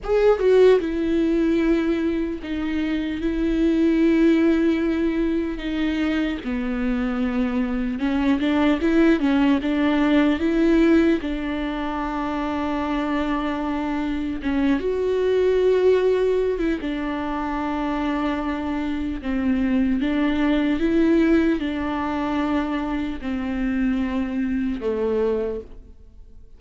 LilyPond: \new Staff \with { instrumentName = "viola" } { \time 4/4 \tempo 4 = 75 gis'8 fis'8 e'2 dis'4 | e'2. dis'4 | b2 cis'8 d'8 e'8 cis'8 | d'4 e'4 d'2~ |
d'2 cis'8 fis'4.~ | fis'8. e'16 d'2. | c'4 d'4 e'4 d'4~ | d'4 c'2 a4 | }